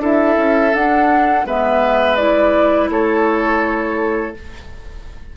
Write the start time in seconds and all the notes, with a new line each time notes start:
0.00 D4 E4 A4 E5
0.37 C#4
0.74 D4 F#5
1.46 G#3 B3 B4 E5
2.17 E4 D5
2.89 A3 A4 C#5